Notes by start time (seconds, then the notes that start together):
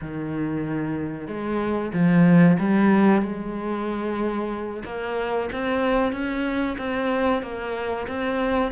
0.01 D#3
1.27 G#3
1.93 F3
2.59 G3
3.21 G#3
4.84 A#3
5.52 C4
6.12 C#4
6.77 C4
7.42 A#3
8.07 C4